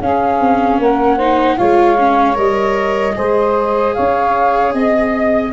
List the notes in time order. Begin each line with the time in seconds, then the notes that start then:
0.00 C#4 G#4 F5
0.39 C4
0.78 A#3 A#4 F#5
1.16 D#4 C5
1.57 G#3 F4 C#5 F5
1.98 C#4
2.34 G3 A#4 D#5
3.15 G#3 G#4 C5
3.93 C#4 C#5 F5
4.73 C4 D#5